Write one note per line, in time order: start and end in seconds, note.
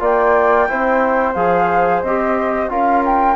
0.00 0.68 A#3
0.00 0.67 F4
0.00 0.68 D5
0.00 1.34 G5
0.68 1.35 C4
0.68 1.35 E4
0.68 2.71 C5
1.34 2.02 F3
1.34 2.03 G#4
1.34 2.01 F5
2.02 2.69 C4
2.02 2.69 G4
2.02 2.69 D#5
2.69 3.36 C#4
2.69 3.36 F4
2.69 3.36 A#4
2.69 3.03 F5
3.05 3.36 G5